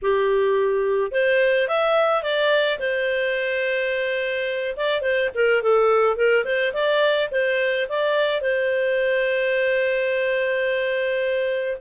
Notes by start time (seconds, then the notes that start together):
0.02 G4
1.11 C5
1.68 E5
2.22 D5
2.79 C5
4.76 D5
5.01 C5
5.34 A#4
5.62 A4
6.16 A#4
6.44 C5
6.73 D5
7.31 C5
7.89 D5
8.41 C5